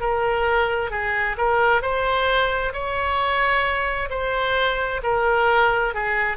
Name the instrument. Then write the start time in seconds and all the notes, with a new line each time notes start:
oboe
0.00 A#4
0.90 G#4
1.37 A#4
1.81 C5
2.72 C#5
4.10 C5
5.03 A#4
5.94 G#4